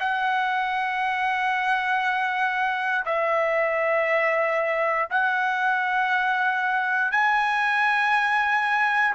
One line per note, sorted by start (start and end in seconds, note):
0.00 3.05 F#5
3.06 5.09 E5
5.10 7.11 F#5
7.11 9.15 G#5